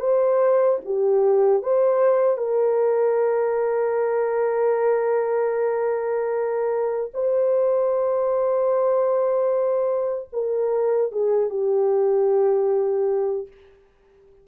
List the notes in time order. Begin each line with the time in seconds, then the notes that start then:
0.00 C5
0.85 G4
1.63 C5
2.38 A#4
7.14 C5
10.33 A#4
11.12 G#4
11.50 G4